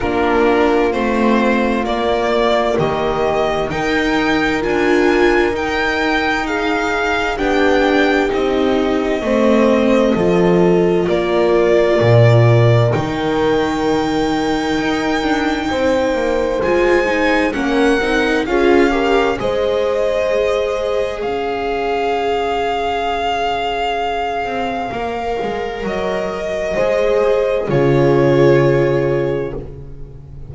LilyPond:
<<
  \new Staff \with { instrumentName = "violin" } { \time 4/4 \tempo 4 = 65 ais'4 c''4 d''4 dis''4 | g''4 gis''4 g''4 f''4 | g''4 dis''2. | d''2 g''2~ |
g''2 gis''4 fis''4 | f''4 dis''2 f''4~ | f''1 | dis''2 cis''2 | }
  \new Staff \with { instrumentName = "horn" } { \time 4/4 f'2. g'4 | ais'2. gis'4 | g'2 c''4 a'4 | ais'1~ |
ais'4 c''2 ais'4 | gis'8 ais'8 c''2 cis''4~ | cis''1~ | cis''4 c''4 gis'2 | }
  \new Staff \with { instrumentName = "viola" } { \time 4/4 d'4 c'4 ais2 | dis'4 f'4 dis'2 | d'4 dis'4 c'4 f'4~ | f'2 dis'2~ |
dis'2 f'8 dis'8 cis'8 dis'8 | f'8 g'8 gis'2.~ | gis'2. ais'4~ | ais'4 gis'4 f'2 | }
  \new Staff \with { instrumentName = "double bass" } { \time 4/4 ais4 a4 ais4 dis4 | dis'4 d'4 dis'2 | b4 c'4 a4 f4 | ais4 ais,4 dis2 |
dis'8 d'8 c'8 ais8 gis4 ais8 c'8 | cis'4 gis2 cis'4~ | cis'2~ cis'8 c'8 ais8 gis8 | fis4 gis4 cis2 | }
>>